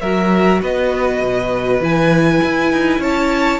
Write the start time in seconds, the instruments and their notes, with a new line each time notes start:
0.00 cello F#3, viola F#4, violin A#4 E5
0.61 cello B3, violin B4 D#5
1.20 cello B2
1.80 cello E3, viola E4, violin G#5
2.43 cello E4
2.72 cello D#4
2.98 cello C#4, violin C#5 A5